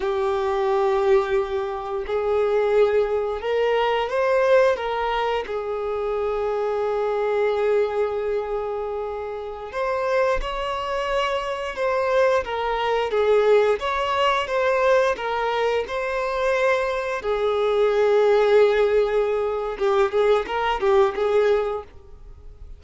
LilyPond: \new Staff \with { instrumentName = "violin" } { \time 4/4 \tempo 4 = 88 g'2. gis'4~ | gis'4 ais'4 c''4 ais'4 | gis'1~ | gis'2~ gis'16 c''4 cis''8.~ |
cis''4~ cis''16 c''4 ais'4 gis'8.~ | gis'16 cis''4 c''4 ais'4 c''8.~ | c''4~ c''16 gis'2~ gis'8.~ | gis'4 g'8 gis'8 ais'8 g'8 gis'4 | }